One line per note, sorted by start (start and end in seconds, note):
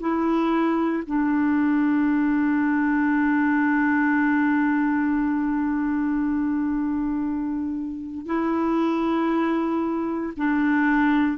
0.00 1.03 E4
1.06 8.26 D4
8.26 10.33 E4
10.37 11.37 D4